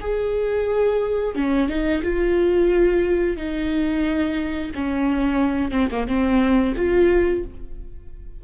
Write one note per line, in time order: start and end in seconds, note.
0.00 1.35 G#4
1.35 1.68 C#4
1.68 2.02 D#4
2.02 3.36 F4
3.36 4.71 D#4
4.75 5.71 C#4
5.71 5.88 C4
5.91 6.07 A#3
6.07 6.74 C4
6.76 7.43 F4